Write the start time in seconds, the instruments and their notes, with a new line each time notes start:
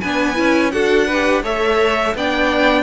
0.00 cello B3, viola D4, violin B4 G#5
0.34 cello C#4, viola E4
0.71 cello D4, viola F#4, violin A4 F#5
1.07 violin B4
1.13 viola G4
1.42 cello A3, viola A4, violin C#5 E5
2.14 cello B3, viola D4, violin D5 G5